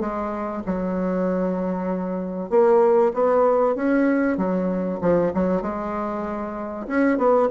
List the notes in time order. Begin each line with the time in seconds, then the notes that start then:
0.00 G#3
0.66 F#3
2.50 A#3
3.14 B3
3.75 C#4
4.37 F#3
5.01 F3
5.34 F#3
5.62 G#3
6.87 C#4
7.18 B3